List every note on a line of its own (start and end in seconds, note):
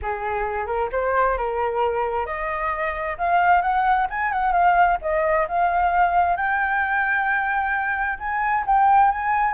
0.02 0.66 G#4
0.66 0.89 A#4
0.92 1.37 C5
1.37 2.26 A#4
2.26 3.17 D#5
3.18 3.61 F5
3.61 4.07 F#5
4.10 4.31 G#5
4.31 4.52 F#5
4.52 4.97 F5
5.01 5.47 D#5
5.48 6.36 F5
6.36 8.18 G5
8.19 8.64 G#5
8.66 9.11 G5
9.11 9.54 G#5